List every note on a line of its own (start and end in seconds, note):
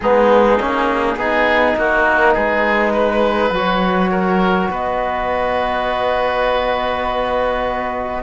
0.00 0.59 G#3
0.00 0.59 B3
0.00 1.18 D#4
0.00 1.76 G#4
0.59 1.16 A#3
0.59 1.18 C#4
1.16 1.75 B3
1.16 3.53 D#4
1.16 1.77 G#4
1.76 2.35 A#3
1.76 2.34 F#4
1.76 2.34 A#4
2.34 3.50 G#3
2.34 2.92 G#4
2.34 3.52 B4
2.93 4.10 B4
3.50 4.68 F#3
3.50 8.22 F#4
3.56 4.71 C#5
4.11 4.70 A#4
4.70 8.22 B3
4.70 8.22 B4
4.70 8.22 D#5